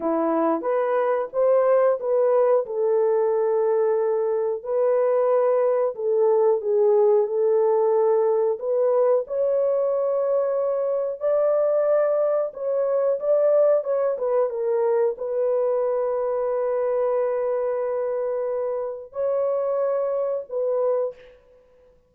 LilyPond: \new Staff \with { instrumentName = "horn" } { \time 4/4 \tempo 4 = 91 e'4 b'4 c''4 b'4 | a'2. b'4~ | b'4 a'4 gis'4 a'4~ | a'4 b'4 cis''2~ |
cis''4 d''2 cis''4 | d''4 cis''8 b'8 ais'4 b'4~ | b'1~ | b'4 cis''2 b'4 | }